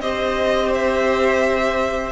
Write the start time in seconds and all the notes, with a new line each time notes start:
0.00 C4 G4 C5 D#5
0.74 E5